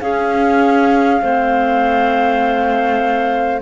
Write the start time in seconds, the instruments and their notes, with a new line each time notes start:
0.00 clarinet C#4 G#4, cello C#4, flute F5
1.21 cello A3, clarinet C4 C5